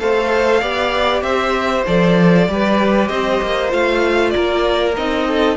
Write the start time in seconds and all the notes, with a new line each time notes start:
0.00 A3 A4 C5 F5
0.61 B3 G4 D5
1.22 C4 C5 E5
1.87 F3 A4 D5
2.48 G3 G4 B4
3.08 C4 C5 D#5
3.42 A#3
3.70 A3 F4 F5
4.31 A#3 A#4 D5
4.97 C4 D#4 D#5
5.27 A4